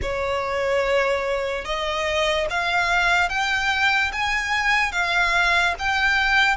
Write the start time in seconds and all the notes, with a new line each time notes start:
0.01 C#5
1.64 D#5
2.50 F5
3.29 G5
4.12 G#5
4.92 F5
5.78 G5